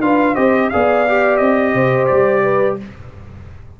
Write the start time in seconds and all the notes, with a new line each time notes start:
0.00 D4 F4 B4 F5
0.34 C4 G4 C5 D#5
0.69 B3 G#4 D5 F5
1.07 G4
1.36 C4 D#5
1.74 C3 C5
2.06 G3 D5
2.43 B4